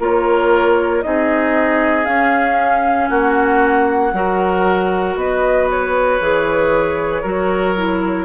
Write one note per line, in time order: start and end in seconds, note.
0.00 1.03 A#3
0.00 1.04 F4
0.00 1.04 A#4
0.00 1.02 C#5
1.02 2.06 C4
1.02 2.05 D#4
1.02 3.09 G#4
1.02 2.05 D#5
2.05 4.12 C#4
2.05 3.09 C#4
2.05 3.09 F5
3.09 4.13 A#3
3.09 4.12 F#4
3.09 5.17 F#5
4.13 5.16 F#3
4.13 6.21 F#4
4.13 5.20 A#4
5.16 6.20 B3
5.16 7.22 B4
5.16 5.69 D#5
5.70 8.25 C#5
6.20 7.24 E3
6.20 7.24 G#4
7.22 8.25 F#3
7.22 7.76 F#4
7.22 8.25 A#4
7.76 8.25 E4